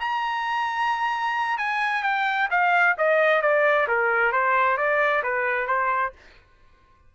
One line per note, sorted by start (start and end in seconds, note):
0.00 1.57 A#5
1.57 2.03 G#5
2.03 2.48 G5
2.50 2.96 F5
2.97 3.42 D#5
3.42 3.87 D5
3.88 4.32 A#4
4.32 4.77 C5
4.77 5.22 D5
5.23 5.67 B4
5.67 6.12 C5